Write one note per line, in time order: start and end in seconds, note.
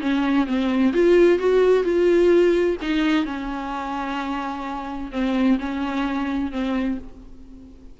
0.00 0.46 C#4
0.46 0.93 C4
0.93 1.38 F4
1.38 1.83 F#4
1.83 2.76 F4
2.81 3.25 D#4
3.25 5.11 C#4
5.11 5.58 C4
5.59 6.51 C#4
6.51 6.98 C4